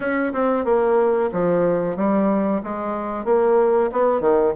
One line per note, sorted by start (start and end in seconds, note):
0.00 0.33 C#4
0.33 0.64 C4
0.64 1.30 A#3
1.32 1.96 F3
1.96 2.61 G3
2.63 3.25 G#3
3.25 3.90 A#3
3.91 4.20 B3
4.20 4.53 D#3